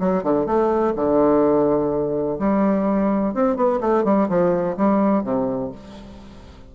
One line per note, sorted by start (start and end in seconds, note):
0.00 0.24 F#3
0.24 0.47 D3
0.47 0.94 A3
0.96 2.39 D3
2.39 3.34 G3
3.34 3.56 C4
3.56 3.80 B3
3.81 4.05 A3
4.05 4.28 G3
4.29 4.77 F3
4.77 5.24 G3
5.24 5.72 C3